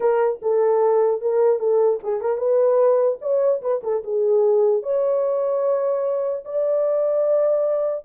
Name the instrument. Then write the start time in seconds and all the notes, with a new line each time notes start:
horn
0.00 A#4
0.42 A4
1.21 A#4
1.59 A4
2.03 G#4
2.20 A#4
2.37 B4
3.21 C#5
3.61 B4
3.83 A4
4.03 G#4
4.82 C#5
6.44 D5